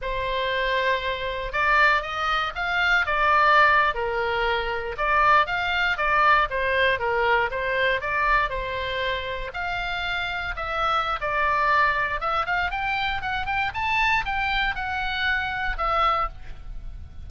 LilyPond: \new Staff \with { instrumentName = "oboe" } { \time 4/4 \tempo 4 = 118 c''2. d''4 | dis''4 f''4 d''4.~ d''16 ais'16~ | ais'4.~ ais'16 d''4 f''4 d''16~ | d''8. c''4 ais'4 c''4 d''16~ |
d''8. c''2 f''4~ f''16~ | f''8. e''4~ e''16 d''2 | e''8 f''8 g''4 fis''8 g''8 a''4 | g''4 fis''2 e''4 | }